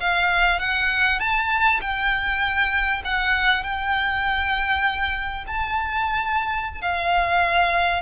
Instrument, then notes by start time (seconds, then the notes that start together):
violin
0.00 F5
0.59 F#5
1.19 A5
1.81 G5
3.04 F#5
3.63 G5
5.47 A5
6.81 F5